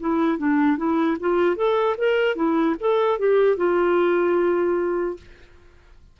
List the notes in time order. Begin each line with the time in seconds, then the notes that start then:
0.00 E4
0.38 D4
0.77 E4
1.20 F4
1.56 A4
1.97 A#4
2.36 E4
2.80 A4
3.19 G4
3.57 F4